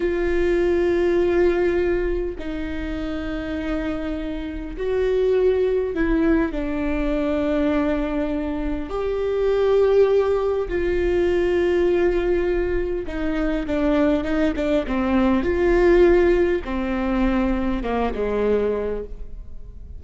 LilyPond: \new Staff \with { instrumentName = "viola" } { \time 4/4 \tempo 4 = 101 f'1 | dis'1 | fis'2 e'4 d'4~ | d'2. g'4~ |
g'2 f'2~ | f'2 dis'4 d'4 | dis'8 d'8 c'4 f'2 | c'2 ais8 gis4. | }